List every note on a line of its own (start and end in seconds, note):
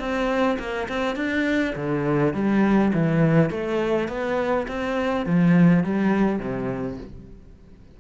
0.00 0.58 C4
0.59 0.88 A#3
0.89 1.16 C4
1.16 1.74 D4
1.76 2.34 D3
2.34 2.93 G3
2.94 3.50 E3
3.50 4.09 A3
4.09 4.67 B3
4.68 5.26 C4
5.26 5.84 F3
5.84 6.40 G3
6.40 6.98 C3